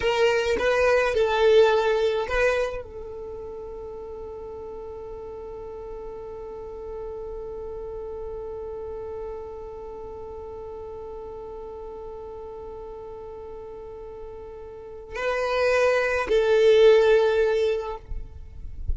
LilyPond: \new Staff \with { instrumentName = "violin" } { \time 4/4 \tempo 4 = 107 ais'4 b'4 a'2 | b'4 a'2.~ | a'1~ | a'1~ |
a'1~ | a'1~ | a'2. b'4~ | b'4 a'2. | }